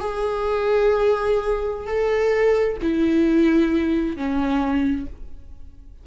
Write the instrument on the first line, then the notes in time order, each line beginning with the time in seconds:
viola
0.00 G#4
1.87 A4
2.82 E4
4.17 C#4